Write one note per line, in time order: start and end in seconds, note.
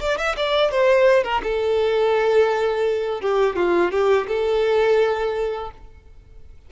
0.00 0.18 D5
0.18 0.35 E5
0.37 0.71 D5
0.71 1.24 C5
1.24 1.42 A#4
1.43 3.21 A4
3.21 3.56 G4
3.56 3.91 F4
3.91 4.27 G4
4.28 5.71 A4